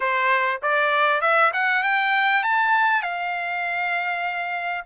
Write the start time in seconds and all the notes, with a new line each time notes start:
0.00 C5
0.62 D5
1.21 E5
1.53 F#5
1.83 G5
2.43 A5
3.02 F5